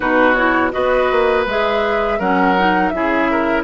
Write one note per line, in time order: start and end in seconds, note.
0.00 0.73 B2
0.00 0.33 D#4
0.00 0.72 F#4
0.00 0.34 B4
0.34 0.71 E4
0.34 0.70 C#5
0.71 1.11 B3
0.71 1.44 F#4
0.71 2.18 B4
0.71 1.45 D#5
1.11 1.46 A#3
1.46 2.19 G#3
1.46 2.20 G#4
1.46 2.20 E5
2.18 2.92 F#3
2.18 2.57 C#4
2.18 2.91 A#4
2.18 2.89 F#5
2.57 2.93 D#4
2.89 3.63 C#3
2.89 3.63 E4
2.89 3.62 E5
2.96 3.31 G#4
3.31 3.63 A#4